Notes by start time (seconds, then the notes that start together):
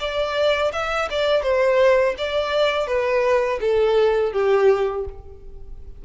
0.00 D5
0.73 E5
1.11 D5
1.43 C5
2.18 D5
2.87 B4
3.61 A4
4.33 G4